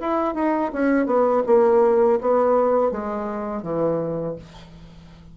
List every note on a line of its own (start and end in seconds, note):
0.00 0.35 E4
0.35 0.71 D#4
0.73 1.06 C#4
1.06 1.43 B3
1.47 2.20 A#3
2.21 2.92 B3
2.92 3.63 G#3
3.63 4.36 E3